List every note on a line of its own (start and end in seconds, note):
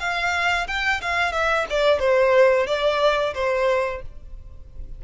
0.00 0.67 F5
0.67 1.01 G5
1.02 1.32 F5
1.32 1.66 E5
1.70 1.99 D5
1.99 2.67 C5
2.67 3.34 D5
3.35 4.02 C5